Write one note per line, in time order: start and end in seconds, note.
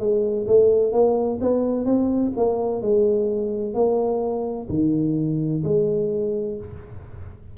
0.00 0.47 G#3
0.47 0.92 A3
0.92 1.39 A#3
1.41 1.85 B3
1.85 2.32 C4
2.37 2.82 A#3
2.82 3.74 G#3
3.74 4.68 A#3
4.70 5.63 D#3
5.64 6.58 G#3